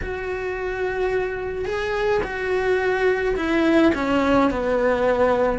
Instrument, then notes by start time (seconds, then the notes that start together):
cello
0.02 F#4
1.65 G#4
2.23 F#4
3.36 E4
3.94 C#4
4.50 B3